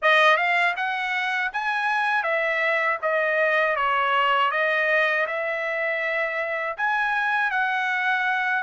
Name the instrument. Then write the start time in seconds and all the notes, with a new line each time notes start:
trumpet
0.02 D#5
0.36 F5
0.76 F#5
1.52 G#5
2.23 E5
3.02 D#5
3.76 C#5
4.51 D#5
5.26 E5
6.77 G#5
7.50 F#5